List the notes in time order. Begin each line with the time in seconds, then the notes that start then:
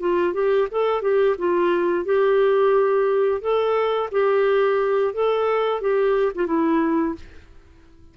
0.00 F4
0.34 G4
0.71 A4
1.02 G4
1.39 F4
2.05 G4
3.41 A4
4.12 G4
5.14 A4
5.81 G4
6.35 F4
6.47 E4